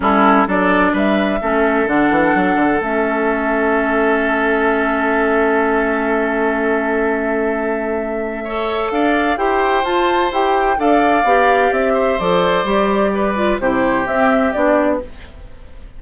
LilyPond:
<<
  \new Staff \with { instrumentName = "flute" } { \time 4/4 \tempo 4 = 128 a'4 d''4 e''2 | fis''2 e''2~ | e''1~ | e''1~ |
e''2. f''4 | g''4 a''4 g''4 f''4~ | f''4 e''4 d''2~ | d''4 c''4 e''4 d''4 | }
  \new Staff \with { instrumentName = "oboe" } { \time 4/4 e'4 a'4 b'4 a'4~ | a'1~ | a'1~ | a'1~ |
a'2 cis''4 d''4 | c''2. d''4~ | d''4. c''2~ c''8 | b'4 g'2. | }
  \new Staff \with { instrumentName = "clarinet" } { \time 4/4 cis'4 d'2 cis'4 | d'2 cis'2~ | cis'1~ | cis'1~ |
cis'2 a'2 | g'4 f'4 g'4 a'4 | g'2 a'4 g'4~ | g'8 f'8 e'4 c'4 d'4 | }
  \new Staff \with { instrumentName = "bassoon" } { \time 4/4 g4 fis4 g4 a4 | d8 e8 fis8 d8 a2~ | a1~ | a1~ |
a2. d'4 | e'4 f'4 e'4 d'4 | b4 c'4 f4 g4~ | g4 c4 c'4 b4 | }
>>